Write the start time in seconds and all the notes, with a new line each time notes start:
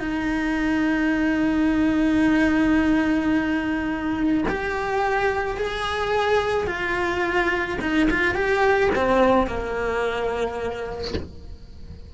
0.00 D#4
4.49 G4
5.57 G#4
6.67 F4
7.81 D#4
8.10 F4
8.35 G4
8.95 C4
9.47 A#3